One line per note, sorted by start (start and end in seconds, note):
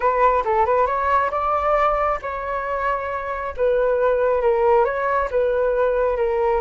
0.00 0.43 B4
0.45 0.65 A4
0.65 0.86 B4
0.86 1.30 C#5
1.31 2.19 D5
2.22 3.54 C#5
3.56 4.41 B4
4.41 4.84 A#4
4.84 5.28 C#5
5.30 6.16 B4
6.16 6.60 A#4